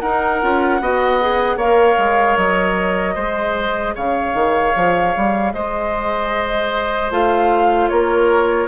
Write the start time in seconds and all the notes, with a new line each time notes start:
0.00 D#4 A#4 F#5
0.41 C#4 F4
0.80 B3 F#4 D#5
1.21 G#4
1.56 A#3 A#4 C#5 F5
1.98 G#3
2.37 F#3 D#5
3.14 G#3 G#4 C5
3.95 C#3 C#5 F5
4.34 D#3
4.76 F3
5.16 G3
5.53 G#3 C5 D#5
7.11 A3 F4 F5
7.88 A#3 A#4 C#5